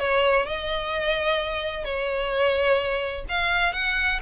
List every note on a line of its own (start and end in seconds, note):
0.00 0.46 C#5
0.46 1.85 D#5
1.85 3.26 C#5
3.29 3.74 F5
3.74 4.20 F#5